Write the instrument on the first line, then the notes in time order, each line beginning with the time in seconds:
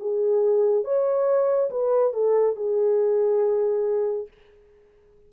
horn
0.00 G#4
0.85 C#5
1.71 B4
2.14 A4
2.56 G#4